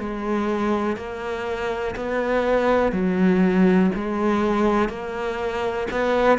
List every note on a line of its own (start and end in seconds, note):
0.00 0.97 G#3
0.97 1.95 A#3
1.96 2.93 B3
2.93 3.91 F#3
3.96 4.90 G#3
4.90 5.88 A#3
5.92 6.39 B3